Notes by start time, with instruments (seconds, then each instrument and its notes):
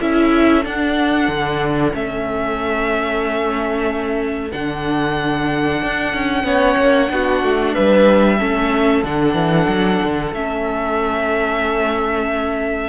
0.00 cello C#4, viola E4, violin A4 E5
0.62 viola D4, cello D4, violin F#5
1.28 cello D3
1.92 cello A3, viola C#4, violin E5
4.51 cello D3, viola D4, violin F#5
5.82 cello D4
6.14 cello C#4
6.44 cello B3, viola C#4, violin C#5
6.77 cello A#3
7.07 cello B3, viola D4, violin F#4
7.43 cello A3
7.74 cello G3, violin B4 E5
8.38 cello A3, viola C#4, violin A4
9.03 cello D3, viola D4, violin F#5
9.34 cello E3
9.68 cello F#3
10.03 cello D3
10.32 cello A3, viola C#4, violin E5